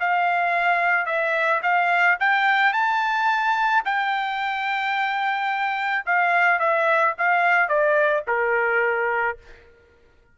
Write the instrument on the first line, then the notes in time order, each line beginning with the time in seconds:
trumpet
0.00 F5
1.06 E5
1.63 F5
2.20 G5
2.73 A5
3.85 G5
6.06 F5
6.60 E5
7.18 F5
7.69 D5
8.28 A#4